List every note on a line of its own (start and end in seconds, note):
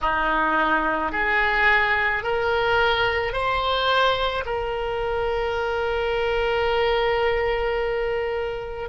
0.01 1.12 D#4
1.12 2.23 G#4
2.23 3.32 A#4
3.32 4.43 C5
4.45 8.89 A#4